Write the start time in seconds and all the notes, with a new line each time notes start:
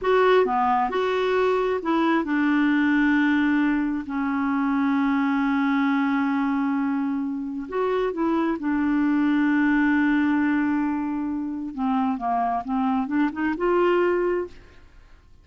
0.01 F#4
0.45 B3
0.90 F#4
1.82 E4
2.24 D4
4.06 C#4
7.68 F#4
8.12 E4
8.59 D4
11.74 C4
12.17 A#3
12.64 C4
13.07 D4
13.32 D#4
13.57 F4